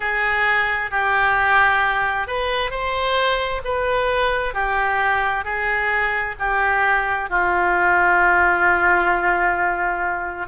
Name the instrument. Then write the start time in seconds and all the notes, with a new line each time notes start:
oboe
0.00 G#4
0.90 G4
2.27 B4
2.70 C5
3.64 B4
4.54 G4
5.44 G#4
6.39 G4
7.29 F4